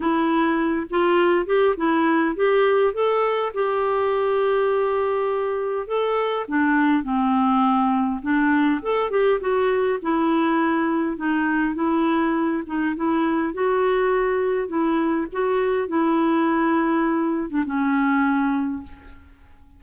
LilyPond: \new Staff \with { instrumentName = "clarinet" } { \time 4/4 \tempo 4 = 102 e'4. f'4 g'8 e'4 | g'4 a'4 g'2~ | g'2 a'4 d'4 | c'2 d'4 a'8 g'8 |
fis'4 e'2 dis'4 | e'4. dis'8 e'4 fis'4~ | fis'4 e'4 fis'4 e'4~ | e'4.~ e'16 d'16 cis'2 | }